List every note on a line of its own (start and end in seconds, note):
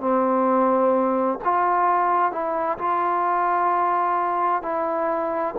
0.00 1.38 C4
1.44 2.32 F4
2.32 2.78 E4
2.78 4.62 F4
4.62 5.54 E4